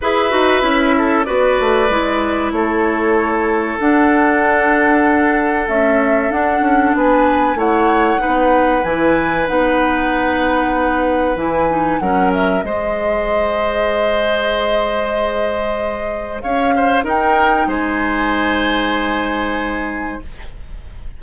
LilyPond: <<
  \new Staff \with { instrumentName = "flute" } { \time 4/4 \tempo 4 = 95 e''2 d''2 | cis''2 fis''2~ | fis''4 e''4 fis''4 gis''4 | fis''2 gis''4 fis''4~ |
fis''2 gis''4 fis''8 e''8 | dis''1~ | dis''2 f''4 g''4 | gis''1 | }
  \new Staff \with { instrumentName = "oboe" } { \time 4/4 b'4. a'8 b'2 | a'1~ | a'2. b'4 | cis''4 b'2.~ |
b'2. ais'4 | c''1~ | c''2 cis''8 c''8 ais'4 | c''1 | }
  \new Staff \with { instrumentName = "clarinet" } { \time 4/4 gis'8 fis'8 e'4 fis'4 e'4~ | e'2 d'2~ | d'4 a4 d'2 | e'4 dis'4 e'4 dis'4~ |
dis'2 e'8 dis'8 cis'4 | gis'1~ | gis'2. dis'4~ | dis'1 | }
  \new Staff \with { instrumentName = "bassoon" } { \time 4/4 e'8 dis'8 cis'4 b8 a8 gis4 | a2 d'2~ | d'4 cis'4 d'8 cis'8 b4 | a4 b4 e4 b4~ |
b2 e4 fis4 | gis1~ | gis2 cis'4 dis'4 | gis1 | }
>>